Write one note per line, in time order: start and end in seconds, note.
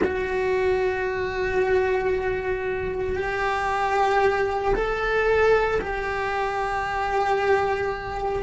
0.03 3.16 F#4
3.16 4.74 G4
4.75 5.80 A4
5.81 8.43 G4